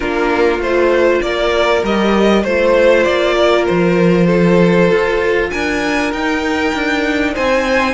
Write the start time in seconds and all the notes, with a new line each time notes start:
0.00 A#3 D4 F4 A#4
0.59 A3 F4 C5
1.21 A#3 A#4 D5
1.83 G3 G4 D#5
2.43 A3 F4 C5
3.03 A#3 D5
3.36 A#4
3.66 F3 C5
4.27 A4
4.90 F4
5.50 D4 A#4 G#5
6.12 D#4 G5
6.74 D4
7.33 C4 C5 G#5